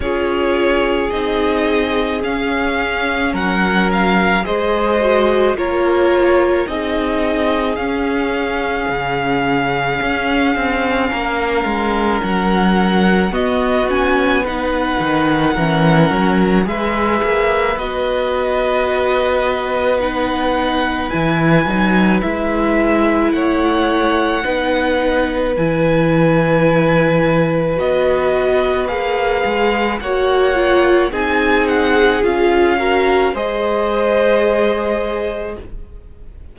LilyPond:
<<
  \new Staff \with { instrumentName = "violin" } { \time 4/4 \tempo 4 = 54 cis''4 dis''4 f''4 fis''8 f''8 | dis''4 cis''4 dis''4 f''4~ | f''2. fis''4 | dis''8 gis''8 fis''2 e''4 |
dis''2 fis''4 gis''4 | e''4 fis''2 gis''4~ | gis''4 dis''4 f''4 fis''4 | gis''8 fis''8 f''4 dis''2 | }
  \new Staff \with { instrumentName = "violin" } { \time 4/4 gis'2. ais'4 | c''4 ais'4 gis'2~ | gis'2 ais'2 | fis'4 b'4 ais'4 b'4~ |
b'1~ | b'4 cis''4 b'2~ | b'2. cis''4 | gis'4. ais'8 c''2 | }
  \new Staff \with { instrumentName = "viola" } { \time 4/4 f'4 dis'4 cis'2 | gis'8 fis'8 f'4 dis'4 cis'4~ | cis'1 | b8 cis'8 dis'4 cis'4 gis'4 |
fis'2 dis'4 e'8 dis'8 | e'2 dis'4 e'4~ | e'4 fis'4 gis'4 fis'8 f'8 | dis'4 f'8 fis'8 gis'2 | }
  \new Staff \with { instrumentName = "cello" } { \time 4/4 cis'4 c'4 cis'4 fis4 | gis4 ais4 c'4 cis'4 | cis4 cis'8 c'8 ais8 gis8 fis4 | b4. dis8 e8 fis8 gis8 ais8 |
b2. e8 fis8 | gis4 a4 b4 e4~ | e4 b4 ais8 gis8 ais4 | c'4 cis'4 gis2 | }
>>